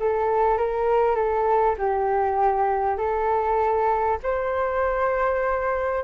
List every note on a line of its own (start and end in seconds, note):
0.00 0.58 A4
0.58 1.16 A#4
1.16 1.76 A4
1.79 2.98 G4
2.98 4.19 A4
4.23 6.04 C5